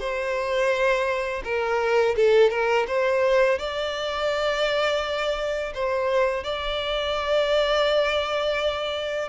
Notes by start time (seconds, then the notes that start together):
0.00 C5
1.44 A#4
2.17 A4
2.51 A#4
2.88 C5
3.59 D5
5.74 C5
6.44 D5